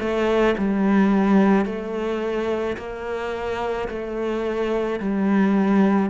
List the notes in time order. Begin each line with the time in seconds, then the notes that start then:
0.00 A3
0.58 G3
1.66 A3
2.78 A#3
3.89 A3
5.00 G3